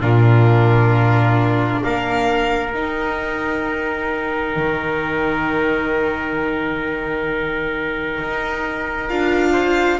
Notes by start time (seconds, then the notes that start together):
0.00 A#2 D4 F4 A#4
1.83 A#3 A#4 F5
2.73 D#4 G5
4.56 D#3
8.20 D#4
9.09 D4 F4 F5
9.53 C5